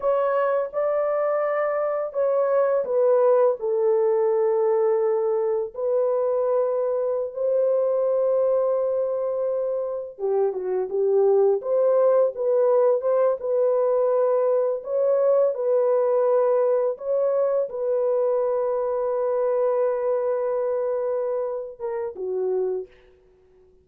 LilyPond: \new Staff \with { instrumentName = "horn" } { \time 4/4 \tempo 4 = 84 cis''4 d''2 cis''4 | b'4 a'2. | b'2~ b'16 c''4.~ c''16~ | c''2~ c''16 g'8 fis'8 g'8.~ |
g'16 c''4 b'4 c''8 b'4~ b'16~ | b'8. cis''4 b'2 cis''16~ | cis''8. b'2.~ b'16~ | b'2~ b'8 ais'8 fis'4 | }